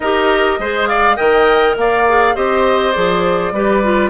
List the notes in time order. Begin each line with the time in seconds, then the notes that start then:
0.00 D#4 G4 A#4 D#5
0.58 G#3 G#4 C5
0.86 D5 F5
1.16 D#3 A#4 D#5 G5
1.76 A#3 D5 F5
2.07 G#4
2.35 C4 G4 C5 D#5
2.92 F3 G#4 D5
3.52 G3 G4 B4
3.83 F4